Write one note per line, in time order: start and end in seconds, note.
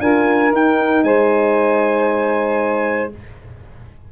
0.00 0.52 D4
0.00 0.52 F4
0.00 1.05 A#4
0.00 0.53 G#5
0.52 3.10 D#4
0.52 1.03 D#4
0.52 1.04 G5
1.03 3.10 G#3
1.03 3.12 C5
1.03 3.11 G#5